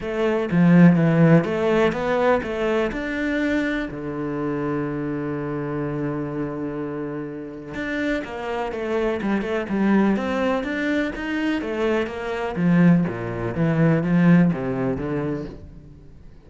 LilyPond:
\new Staff \with { instrumentName = "cello" } { \time 4/4 \tempo 4 = 124 a4 f4 e4 a4 | b4 a4 d'2 | d1~ | d1 |
d'4 ais4 a4 g8 a8 | g4 c'4 d'4 dis'4 | a4 ais4 f4 ais,4 | e4 f4 c4 d4 | }